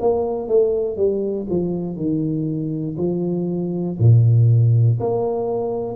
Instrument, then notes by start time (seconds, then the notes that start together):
tuba
0.00 A#3
0.48 A3
0.97 G3
1.50 F3
1.96 D#3
2.97 F3
3.99 A#2
5.00 A#3